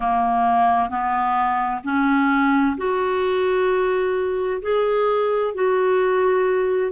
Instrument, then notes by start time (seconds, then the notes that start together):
clarinet
0.00 A#3
0.89 B3
1.84 C#4
2.77 F#4
4.62 G#4
5.54 F#4